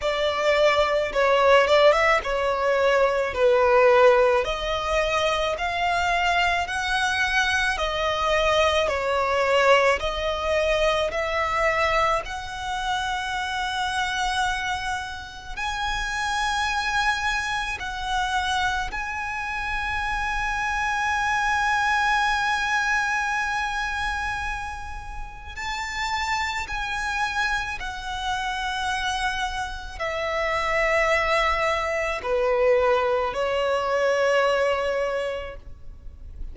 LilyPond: \new Staff \with { instrumentName = "violin" } { \time 4/4 \tempo 4 = 54 d''4 cis''8 d''16 e''16 cis''4 b'4 | dis''4 f''4 fis''4 dis''4 | cis''4 dis''4 e''4 fis''4~ | fis''2 gis''2 |
fis''4 gis''2.~ | gis''2. a''4 | gis''4 fis''2 e''4~ | e''4 b'4 cis''2 | }